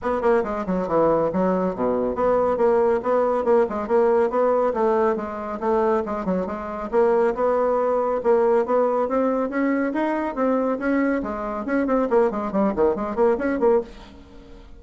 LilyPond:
\new Staff \with { instrumentName = "bassoon" } { \time 4/4 \tempo 4 = 139 b8 ais8 gis8 fis8 e4 fis4 | b,4 b4 ais4 b4 | ais8 gis8 ais4 b4 a4 | gis4 a4 gis8 fis8 gis4 |
ais4 b2 ais4 | b4 c'4 cis'4 dis'4 | c'4 cis'4 gis4 cis'8 c'8 | ais8 gis8 g8 dis8 gis8 ais8 cis'8 ais8 | }